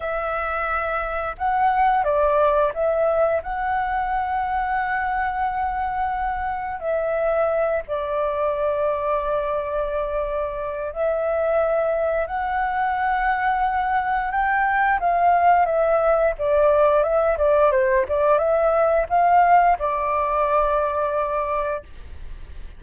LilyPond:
\new Staff \with { instrumentName = "flute" } { \time 4/4 \tempo 4 = 88 e''2 fis''4 d''4 | e''4 fis''2.~ | fis''2 e''4. d''8~ | d''1 |
e''2 fis''2~ | fis''4 g''4 f''4 e''4 | d''4 e''8 d''8 c''8 d''8 e''4 | f''4 d''2. | }